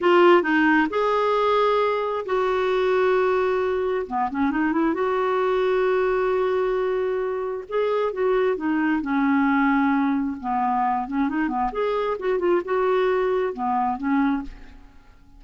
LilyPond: \new Staff \with { instrumentName = "clarinet" } { \time 4/4 \tempo 4 = 133 f'4 dis'4 gis'2~ | gis'4 fis'2.~ | fis'4 b8 cis'8 dis'8 e'8 fis'4~ | fis'1~ |
fis'4 gis'4 fis'4 dis'4 | cis'2. b4~ | b8 cis'8 dis'8 b8 gis'4 fis'8 f'8 | fis'2 b4 cis'4 | }